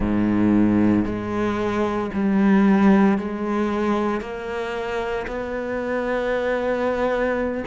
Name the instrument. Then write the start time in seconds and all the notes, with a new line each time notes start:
cello
0.00 G#2
1.05 G#3
2.13 G3
3.18 G#3
4.21 A#3
5.27 B3